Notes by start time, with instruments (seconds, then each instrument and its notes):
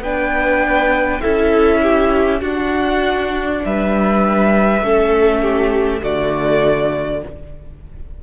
0.00 cello B3, viola D4, violin B4 G5
1.21 cello C#4, viola E4, violin A4 E5
1.82 violin G4
2.41 cello D4, viola D4, violin F#4 F#5
3.65 cello G3, violin B4 E5
4.81 cello A3, viola C#4, violin A4
5.42 violin G4
6.00 cello D3, viola A3, violin F#4 D5